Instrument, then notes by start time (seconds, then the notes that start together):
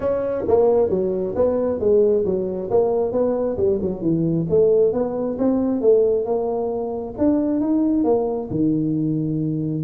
tuba
0.00 C#4
0.47 A#3
0.89 F#3
1.35 B3
1.79 G#3
2.25 F#3
2.70 A#3
3.12 B3
3.57 G3
3.81 F#3
4.01 E3
4.49 A3
4.92 B3
5.38 C4
5.81 A3
6.25 A#3
7.18 D4
7.60 D#4
8.04 A#3
8.50 D#3